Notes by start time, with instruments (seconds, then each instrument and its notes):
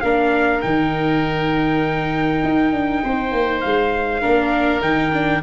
0.00 tuba A#3, viola D4, oboe A#4, trumpet F5
0.61 tuba D#3, viola D#4, trumpet G5
2.43 tuba D#4
2.71 tuba D4
3.03 tuba C4, oboe C5
3.32 tuba A#3
3.60 tuba G#3, trumpet F5
4.21 tuba A#3, viola D4, oboe A#4
4.81 tuba D#3, viola D#4, trumpet G5
5.12 viola D4